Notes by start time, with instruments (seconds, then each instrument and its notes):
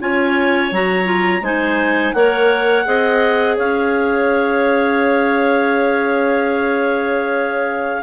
0.00 bassoon C#4, clarinet F4 C#5 G#5
0.72 bassoon F#3, clarinet F#4 A#5
1.05 clarinet F4
1.41 bassoon G#3, clarinet D#4 C5 G#5
2.14 bassoon A#3, clarinet A#4 C#5 F#5
2.85 bassoon C4, clarinet G#4 D#5
3.56 bassoon C#4, clarinet C#5 F5